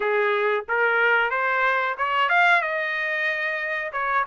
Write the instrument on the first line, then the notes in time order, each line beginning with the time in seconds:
trumpet
0.00 G#4
0.68 A#4
1.30 C5
1.97 C#5
2.29 F5
2.61 D#5
3.92 C#5